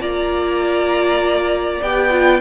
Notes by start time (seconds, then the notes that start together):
0.00 A#3 F4 D5 A#5
1.81 B3 G4 G5
2.10 F4